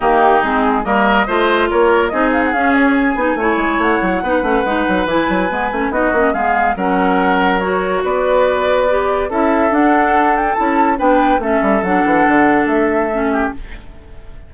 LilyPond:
<<
  \new Staff \with { instrumentName = "flute" } { \time 4/4 \tempo 4 = 142 g'4 gis'4 dis''2 | cis''4 dis''8 f''16 fis''16 f''8 cis''8 gis''4~ | gis''4 fis''2. | gis''2 dis''4 f''4 |
fis''2 cis''4 d''4~ | d''2 e''4 fis''4~ | fis''8 g''8 a''4 g''4 e''4 | fis''2 e''2 | }
  \new Staff \with { instrumentName = "oboe" } { \time 4/4 dis'2 ais'4 c''4 | ais'4 gis'2. | cis''2 b'2~ | b'2 fis'4 gis'4 |
ais'2. b'4~ | b'2 a'2~ | a'2 b'4 a'4~ | a'2.~ a'8 g'8 | }
  \new Staff \with { instrumentName = "clarinet" } { \time 4/4 ais4 c'4 ais4 f'4~ | f'4 dis'4 cis'4. dis'8 | e'2 dis'8 cis'8 dis'4 | e'4 b8 cis'8 dis'8 cis'8 b4 |
cis'2 fis'2~ | fis'4 g'4 e'4 d'4~ | d'4 e'4 d'4 cis'4 | d'2. cis'4 | }
  \new Staff \with { instrumentName = "bassoon" } { \time 4/4 dis4 gis4 g4 a4 | ais4 c'4 cis'4. b8 | a8 gis8 a8 fis8 b8 a8 gis8 fis8 | e8 fis8 gis8 a8 b8 ais8 gis4 |
fis2. b4~ | b2 cis'4 d'4~ | d'4 cis'4 b4 a8 g8 | fis8 e8 d4 a2 | }
>>